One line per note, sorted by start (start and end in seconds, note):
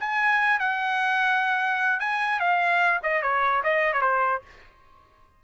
0.00 0.60 G#5
0.60 2.00 F#5
2.00 2.40 G#5
2.40 3.00 F5
3.03 3.23 D#5
3.23 3.63 C#5
3.64 3.93 D#5
3.93 4.02 C#5
4.02 4.42 C5